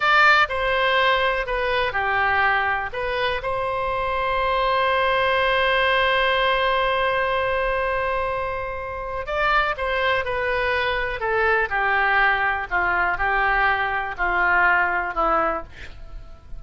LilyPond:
\new Staff \with { instrumentName = "oboe" } { \time 4/4 \tempo 4 = 123 d''4 c''2 b'4 | g'2 b'4 c''4~ | c''1~ | c''1~ |
c''2. d''4 | c''4 b'2 a'4 | g'2 f'4 g'4~ | g'4 f'2 e'4 | }